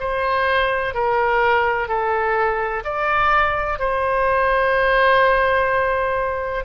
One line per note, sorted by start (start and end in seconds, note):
0.00 0.94 C5
0.94 1.88 A#4
1.88 2.84 A4
2.84 3.79 D5
3.79 6.65 C5